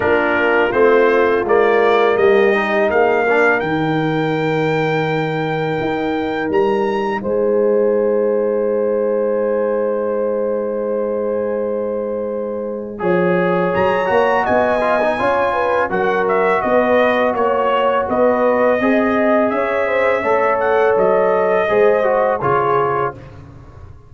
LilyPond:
<<
  \new Staff \with { instrumentName = "trumpet" } { \time 4/4 \tempo 4 = 83 ais'4 c''4 d''4 dis''4 | f''4 g''2.~ | g''4 ais''4 gis''2~ | gis''1~ |
gis''2. ais''4 | gis''2 fis''8 e''8 dis''4 | cis''4 dis''2 e''4~ | e''8 fis''8 dis''2 cis''4 | }
  \new Staff \with { instrumentName = "horn" } { \time 4/4 f'2. g'4 | gis'8 ais'2.~ ais'8~ | ais'2 c''2~ | c''1~ |
c''2 cis''2 | dis''4 cis''8 b'8 ais'4 b'4 | cis''4 b'4 dis''4 cis''8 c''8 | cis''2 c''4 gis'4 | }
  \new Staff \with { instrumentName = "trombone" } { \time 4/4 d'4 c'4 ais4. dis'8~ | dis'8 d'8 dis'2.~ | dis'1~ | dis'1~ |
dis'2 gis'4. fis'8~ | fis'8 f'16 dis'16 f'4 fis'2~ | fis'2 gis'2 | a'2 gis'8 fis'8 f'4 | }
  \new Staff \with { instrumentName = "tuba" } { \time 4/4 ais4 a4 gis4 g4 | ais4 dis2. | dis'4 g4 gis2~ | gis1~ |
gis2 f4 fis8 ais8 | b4 cis'4 fis4 b4 | ais4 b4 c'4 cis'4 | a4 fis4 gis4 cis4 | }
>>